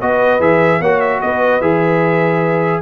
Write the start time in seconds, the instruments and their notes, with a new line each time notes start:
0.00 tuba B3, trombone F#4, horn B4, trumpet D#5
0.40 tuba E3, trombone G#4, trumpet E5
0.80 tuba A#3, trombone F#4, horn C#5, trumpet F#5
1.00 trumpet E5
1.21 tuba B3, horn B4, trumpet D#5
1.60 tuba E3, trombone G#4, trumpet E5